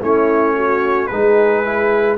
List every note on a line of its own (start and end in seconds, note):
0.00 1.11 A3
0.00 1.09 C#4
0.00 0.55 E4
0.00 1.06 C#5
0.55 1.09 F#4
1.06 2.17 G#3
1.06 1.64 D#4
1.06 2.17 G#4
1.06 2.15 B4
1.64 2.17 E4